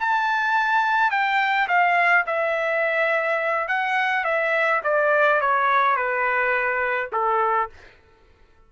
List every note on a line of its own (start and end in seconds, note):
0.00 1.10 A5
1.10 1.68 G5
1.68 2.25 F5
2.26 3.68 E5
3.68 4.24 F#5
4.24 4.82 E5
4.83 5.41 D5
5.41 5.96 C#5
5.96 7.10 B4
7.12 7.69 A4